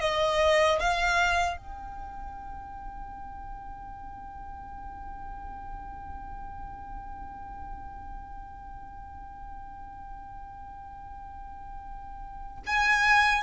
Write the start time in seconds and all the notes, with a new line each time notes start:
0.00 D#5
0.79 F5
1.57 G5
12.66 G#5